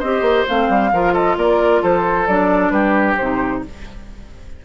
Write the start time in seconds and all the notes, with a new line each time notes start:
0.00 C4 G4 C5 D#5
0.22 A#3
0.48 A3 C4 F5
0.70 G3
0.92 F3 F4 A#4
1.14 A4 D#5
1.37 A#3 A#4 D5
1.83 F3 A4 C5
2.28 F#3 D4 D5
2.71 G3 G4 B4
3.18 C3 D#4 C5